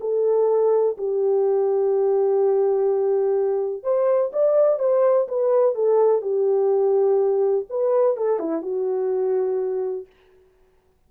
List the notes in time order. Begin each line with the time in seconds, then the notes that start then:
0.00 A4
0.97 G4
3.83 C5
4.32 D5
4.79 C5
5.28 B4
5.75 A4
6.21 G4
7.69 B4
8.16 A4
8.39 E4
8.62 F#4